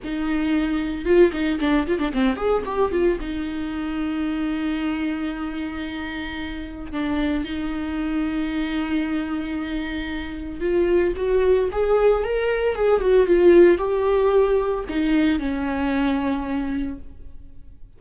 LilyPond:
\new Staff \with { instrumentName = "viola" } { \time 4/4 \tempo 4 = 113 dis'2 f'8 dis'8 d'8 f'16 d'16 | c'8 gis'8 g'8 f'8 dis'2~ | dis'1~ | dis'4 d'4 dis'2~ |
dis'1 | f'4 fis'4 gis'4 ais'4 | gis'8 fis'8 f'4 g'2 | dis'4 cis'2. | }